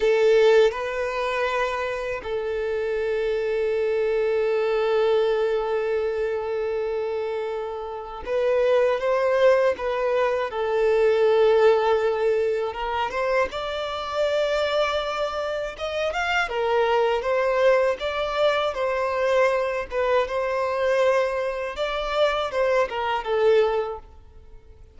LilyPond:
\new Staff \with { instrumentName = "violin" } { \time 4/4 \tempo 4 = 80 a'4 b'2 a'4~ | a'1~ | a'2. b'4 | c''4 b'4 a'2~ |
a'4 ais'8 c''8 d''2~ | d''4 dis''8 f''8 ais'4 c''4 | d''4 c''4. b'8 c''4~ | c''4 d''4 c''8 ais'8 a'4 | }